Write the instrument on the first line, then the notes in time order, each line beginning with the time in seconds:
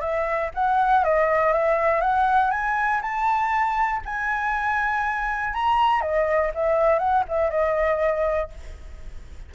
flute
0.00 E5
0.54 F#5
1.04 D#5
1.52 E5
2.00 F#5
2.51 G#5
3.01 A5
4.05 G#5
5.53 A#5
6.01 D#5
6.54 E5
6.99 F#5
7.28 E5
7.50 D#5